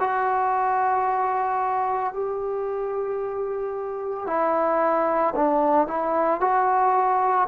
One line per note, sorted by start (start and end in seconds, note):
0.00 2.13 F#4
2.13 4.27 G4
4.27 5.34 E4
5.36 5.87 D4
5.87 6.41 E4
6.41 7.48 F#4